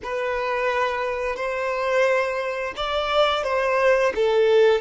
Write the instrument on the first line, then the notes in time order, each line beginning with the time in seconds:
violin
0.03 B4
1.36 C5
2.76 D5
3.43 C5
4.15 A4